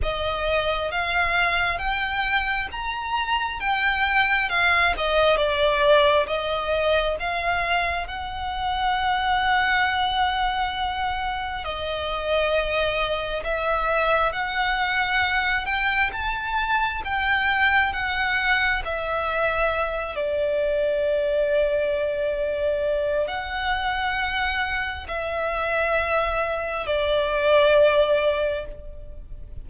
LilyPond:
\new Staff \with { instrumentName = "violin" } { \time 4/4 \tempo 4 = 67 dis''4 f''4 g''4 ais''4 | g''4 f''8 dis''8 d''4 dis''4 | f''4 fis''2.~ | fis''4 dis''2 e''4 |
fis''4. g''8 a''4 g''4 | fis''4 e''4. d''4.~ | d''2 fis''2 | e''2 d''2 | }